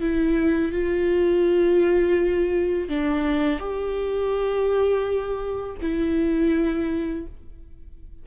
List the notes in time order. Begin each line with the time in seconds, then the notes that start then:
0.00 E4
0.71 F4
2.88 D4
3.59 G4
5.81 E4